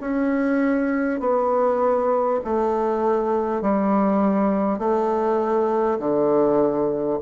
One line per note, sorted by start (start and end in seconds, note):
0.00 1.20 C#4
1.20 2.40 B3
2.44 3.61 A3
3.61 4.78 G3
4.78 5.98 A3
5.99 7.19 D3